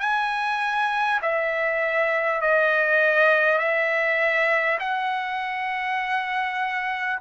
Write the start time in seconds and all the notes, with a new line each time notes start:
0.00 G#5
1.22 E5
2.41 D#5
3.58 E5
4.79 F#5